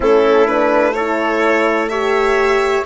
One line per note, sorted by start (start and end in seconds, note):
0.00 2.81 A3
0.00 0.46 C#4
0.00 0.94 E4
0.00 0.47 A4
0.46 0.93 D4
0.46 0.93 B4
0.93 1.90 E4
0.93 1.90 A4
0.93 1.88 C#5
1.88 2.85 G4
1.88 2.86 C#5
1.88 2.84 E5